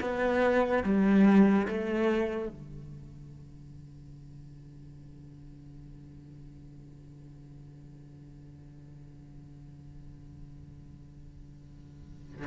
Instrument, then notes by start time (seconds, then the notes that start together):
cello
0.00 B3
0.83 G3
1.67 A3
2.48 D3